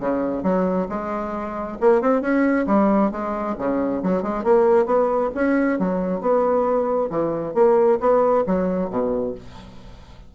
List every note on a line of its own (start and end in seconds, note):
0.00 0.43 C#3
0.43 0.88 F#3
0.89 1.78 G#3
1.81 2.01 A#3
2.01 2.21 C4
2.21 2.66 C#4
2.67 3.11 G3
3.11 3.56 G#3
3.58 4.03 C#3
4.03 4.23 F#3
4.23 4.44 G#3
4.44 4.86 A#3
4.86 5.31 B3
5.35 5.79 C#4
5.79 6.21 F#3
6.21 7.10 B3
7.10 7.54 E3
7.55 7.99 A#3
8.00 8.45 B3
8.47 8.90 F#3
8.90 9.35 B2